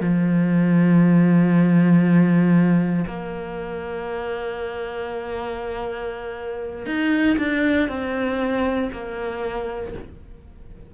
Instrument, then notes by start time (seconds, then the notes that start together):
cello
0.00 F3
3.06 A#3
6.86 D#4
7.37 D4
7.89 C4
8.92 A#3